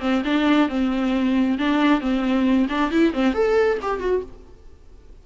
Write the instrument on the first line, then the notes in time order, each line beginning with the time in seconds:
viola
0.00 C4
0.24 D4
0.68 C4
1.58 D4
2.00 C4
2.69 D4
2.91 E4
3.13 C4
3.33 A4
3.82 G4
4.00 F#4